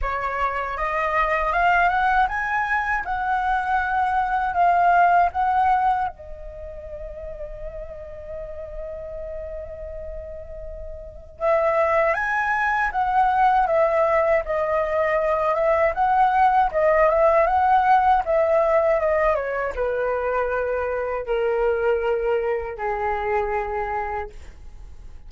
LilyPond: \new Staff \with { instrumentName = "flute" } { \time 4/4 \tempo 4 = 79 cis''4 dis''4 f''8 fis''8 gis''4 | fis''2 f''4 fis''4 | dis''1~ | dis''2. e''4 |
gis''4 fis''4 e''4 dis''4~ | dis''8 e''8 fis''4 dis''8 e''8 fis''4 | e''4 dis''8 cis''8 b'2 | ais'2 gis'2 | }